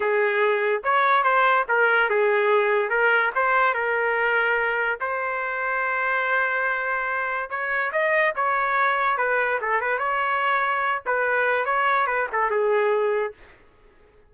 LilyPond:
\new Staff \with { instrumentName = "trumpet" } { \time 4/4 \tempo 4 = 144 gis'2 cis''4 c''4 | ais'4 gis'2 ais'4 | c''4 ais'2. | c''1~ |
c''2 cis''4 dis''4 | cis''2 b'4 a'8 b'8 | cis''2~ cis''8 b'4. | cis''4 b'8 a'8 gis'2 | }